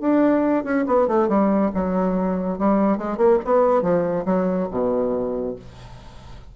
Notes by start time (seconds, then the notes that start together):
0.00 D4
0.63 C#4
0.86 B3
1.07 A3
1.28 G3
1.74 F#3
2.58 G3
2.97 G#3
3.17 A#3
3.44 B3
3.82 F3
4.25 F#3
4.70 B2